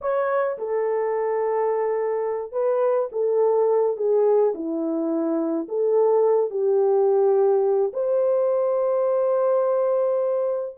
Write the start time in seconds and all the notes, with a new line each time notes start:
0.01 C#5
0.58 A4
2.52 B4
3.12 A4
3.96 G#4
4.54 E4
5.68 A4
6.50 G4
7.93 C5